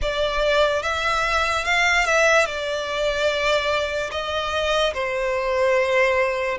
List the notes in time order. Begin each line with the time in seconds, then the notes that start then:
0.01 D5
0.82 E5
1.64 F5
2.05 E5
2.46 D5
4.11 D#5
4.93 C5